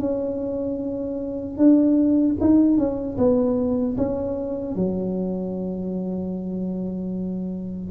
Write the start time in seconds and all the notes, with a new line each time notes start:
0.00 C#4
1.58 D4
2.40 D#4
2.78 C#4
3.18 B3
3.97 C#4
4.76 F#3